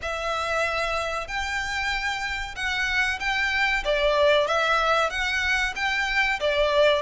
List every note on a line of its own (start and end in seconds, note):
0.01 1.27 E5
1.27 2.55 G5
2.55 3.19 F#5
3.19 3.83 G5
3.84 4.47 D5
4.47 5.10 E5
5.10 5.74 F#5
5.75 6.39 G5
6.40 7.02 D5